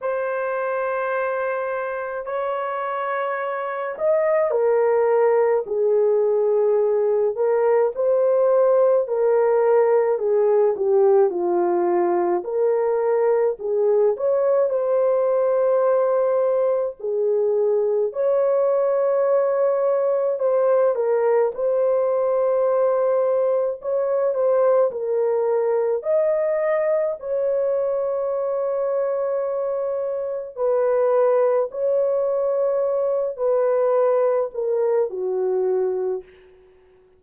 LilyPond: \new Staff \with { instrumentName = "horn" } { \time 4/4 \tempo 4 = 53 c''2 cis''4. dis''8 | ais'4 gis'4. ais'8 c''4 | ais'4 gis'8 g'8 f'4 ais'4 | gis'8 cis''8 c''2 gis'4 |
cis''2 c''8 ais'8 c''4~ | c''4 cis''8 c''8 ais'4 dis''4 | cis''2. b'4 | cis''4. b'4 ais'8 fis'4 | }